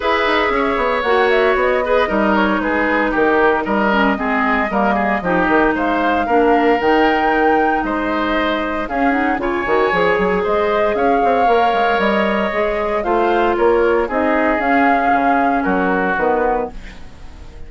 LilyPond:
<<
  \new Staff \with { instrumentName = "flute" } { \time 4/4 \tempo 4 = 115 e''2 fis''8 e''8 dis''4~ | dis''8 cis''8 b'4 ais'4 dis''4~ | dis''2. f''4~ | f''4 g''2 dis''4~ |
dis''4 f''8 fis''8 gis''2 | dis''4 f''2 dis''4~ | dis''4 f''4 cis''4 dis''4 | f''2 ais'4 b'4 | }
  \new Staff \with { instrumentName = "oboe" } { \time 4/4 b'4 cis''2~ cis''8 b'8 | ais'4 gis'4 g'4 ais'4 | gis'4 ais'8 gis'8 g'4 c''4 | ais'2. c''4~ |
c''4 gis'4 cis''2 | c''4 cis''2.~ | cis''4 c''4 ais'4 gis'4~ | gis'2 fis'2 | }
  \new Staff \with { instrumentName = "clarinet" } { \time 4/4 gis'2 fis'4. gis'8 | dis'2.~ dis'8 cis'8 | c'4 ais4 dis'2 | d'4 dis'2.~ |
dis'4 cis'8 dis'8 f'8 fis'8 gis'4~ | gis'2 ais'2 | gis'4 f'2 dis'4 | cis'2. b4 | }
  \new Staff \with { instrumentName = "bassoon" } { \time 4/4 e'8 dis'8 cis'8 b8 ais4 b4 | g4 gis4 dis4 g4 | gis4 g4 f8 dis8 gis4 | ais4 dis2 gis4~ |
gis4 cis'4 cis8 dis8 f8 fis8 | gis4 cis'8 c'8 ais8 gis8 g4 | gis4 a4 ais4 c'4 | cis'4 cis4 fis4 dis4 | }
>>